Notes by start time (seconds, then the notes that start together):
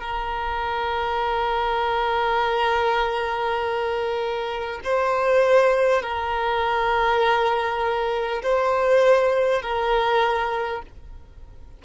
0.00 A#4
4.84 C5
6.03 A#4
8.43 C5
9.63 A#4